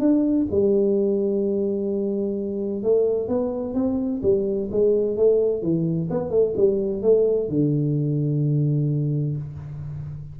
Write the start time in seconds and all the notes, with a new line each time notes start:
0.00 D4
0.51 G3
2.83 A3
3.28 B3
3.74 C4
4.23 G3
4.72 G#3
5.17 A3
5.62 E3
6.10 B3
6.30 A3
6.56 G3
7.02 A3
7.49 D3